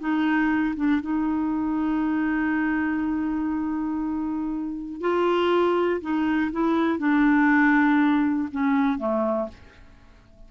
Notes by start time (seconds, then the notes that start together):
0.00 D#4
0.76 D4
1.01 D#4
5.01 F4
6.01 D#4
6.52 E4
6.99 D4
8.52 C#4
8.99 A3